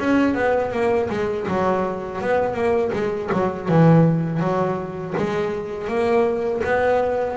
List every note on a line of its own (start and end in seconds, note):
0.00 0.35 C#4
0.35 0.72 B3
0.72 1.09 A#3
1.10 1.47 G#3
1.48 2.22 F#3
2.22 2.54 B3
2.54 2.91 A#3
2.93 3.30 G#3
3.32 3.69 F#3
3.69 4.40 E3
4.40 5.14 F#3
5.17 5.88 G#3
5.88 6.62 A#3
6.64 7.37 B3